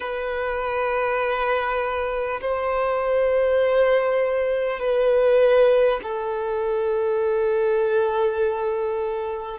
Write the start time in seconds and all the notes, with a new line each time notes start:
0.00 B4
2.41 C5
4.79 B4
6.03 A4